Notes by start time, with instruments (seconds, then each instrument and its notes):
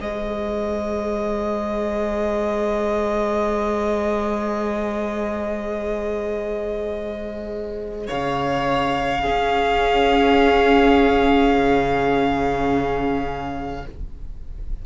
0.00 cello G#3, viola G#4, violin C5 D#5
8.07 cello C#3, violin C#5 F5
9.21 viola C#4, cello C#4, violin G#4
11.54 cello C#3